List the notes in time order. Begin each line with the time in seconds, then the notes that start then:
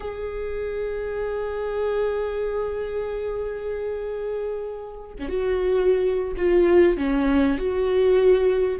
0.00 G#4
5.18 C#4
5.28 F#4
6.36 F4
6.97 C#4
7.58 F#4